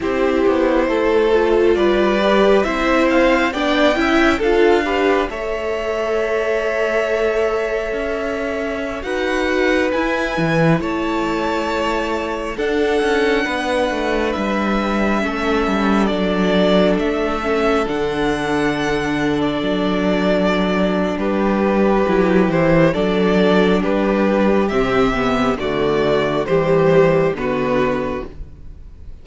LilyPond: <<
  \new Staff \with { instrumentName = "violin" } { \time 4/4 \tempo 4 = 68 c''2 d''4 e''8 f''8 | g''4 f''4 e''2~ | e''2~ e''16 fis''4 gis''8.~ | gis''16 a''2 fis''4.~ fis''16~ |
fis''16 e''2 d''4 e''8.~ | e''16 fis''4.~ fis''16 d''2 | b'4. c''8 d''4 b'4 | e''4 d''4 c''4 b'4 | }
  \new Staff \with { instrumentName = "violin" } { \time 4/4 g'4 a'4 b'4 c''4 | d''8 e''8 a'8 b'8 cis''2~ | cis''2~ cis''16 b'4.~ b'16~ | b'16 cis''2 a'4 b'8.~ |
b'4~ b'16 a'2~ a'8.~ | a'1 | g'2 a'4 g'4~ | g'4 fis'4 g'4 fis'4 | }
  \new Staff \with { instrumentName = "viola" } { \time 4/4 e'4. f'4 g'8 e'4 | d'8 e'8 f'8 g'8 a'2~ | a'2~ a'16 fis'4 e'8.~ | e'2~ e'16 d'4.~ d'16~ |
d'4~ d'16 cis'4 d'4. cis'16~ | cis'16 d'2.~ d'8.~ | d'4 e'4 d'2 | c'8 b8 a4 g4 b4 | }
  \new Staff \with { instrumentName = "cello" } { \time 4/4 c'8 b8 a4 g4 c'4 | b8 cis'8 d'4 a2~ | a4 cis'4~ cis'16 dis'4 e'8 e16~ | e16 a2 d'8 cis'8 b8 a16~ |
a16 g4 a8 g8 fis4 a8.~ | a16 d2 fis4.~ fis16 | g4 fis8 e8 fis4 g4 | c4 d4 e4 d4 | }
>>